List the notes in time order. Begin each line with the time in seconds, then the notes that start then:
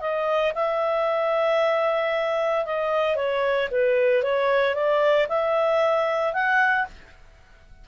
0.00 D#5
0.55 E5
2.66 D#5
3.16 C#5
3.71 B4
4.23 C#5
4.75 D5
5.28 E5
6.33 F#5